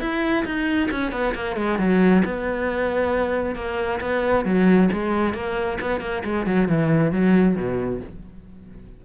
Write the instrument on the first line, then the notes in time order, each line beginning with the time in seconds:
cello
0.00 E4
0.44 D#4
0.91 C#4
1.12 B3
1.34 A#3
1.56 G#3
1.78 F#3
2.25 B3
3.55 A#3
4.00 B3
4.45 F#3
4.92 G#3
5.33 A#3
5.81 B3
6.00 A#3
6.24 G#3
6.46 F#3
6.68 E3
7.12 F#3
7.56 B2